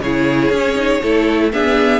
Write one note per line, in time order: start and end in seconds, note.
0.00 0.50 C#3
0.00 0.54 E4
0.00 1.01 G#4
0.00 1.50 C#5
0.50 1.00 C#4
0.50 0.75 C#4
0.75 1.00 D#4
1.02 1.53 A3
1.02 1.52 E4
1.02 1.52 A4
1.52 2.00 B3
1.52 2.00 D4
1.52 2.00 G#4
1.52 2.00 E5